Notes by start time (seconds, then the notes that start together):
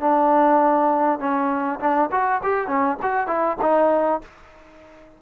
0.00 D4
1.19 C#4
1.79 D4
2.11 F#4
2.43 G4
2.67 C#4
3.02 F#4
3.27 E4
3.61 D#4